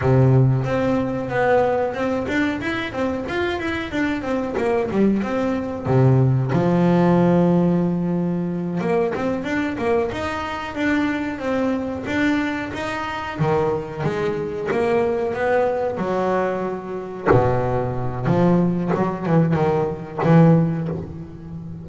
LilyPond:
\new Staff \with { instrumentName = "double bass" } { \time 4/4 \tempo 4 = 92 c4 c'4 b4 c'8 d'8 | e'8 c'8 f'8 e'8 d'8 c'8 ais8 g8 | c'4 c4 f2~ | f4. ais8 c'8 d'8 ais8 dis'8~ |
dis'8 d'4 c'4 d'4 dis'8~ | dis'8 dis4 gis4 ais4 b8~ | b8 fis2 b,4. | f4 fis8 e8 dis4 e4 | }